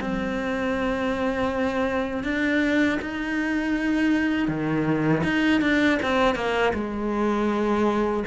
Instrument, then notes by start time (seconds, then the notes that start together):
cello
0.00 C4
2.23 D4
3.01 D#4
4.48 D#3
5.23 D#4
5.61 D4
6.02 C4
6.35 A#3
6.73 G#3